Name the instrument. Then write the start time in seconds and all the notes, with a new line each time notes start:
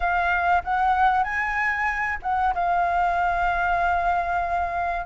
flute
0.00 F5
0.63 F#5
1.23 G#5
2.22 F#5
2.54 F5